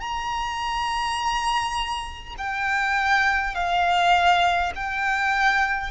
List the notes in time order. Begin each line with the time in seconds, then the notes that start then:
0.00 A#5
2.38 G5
3.55 F5
4.75 G5